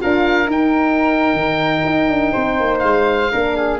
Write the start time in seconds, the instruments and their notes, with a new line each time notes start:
0.00 tuba D4, horn F4, flute A#4, oboe F5
0.46 horn D#4, tuba D#4, oboe G5
1.33 tuba D#3
1.85 tuba D#4
2.09 tuba D4
2.32 tuba C4, flute C5
2.60 tuba A#3
2.79 tuba G#3, oboe F5
3.32 tuba A#3, horn D4, flute A#4
3.56 flute G#4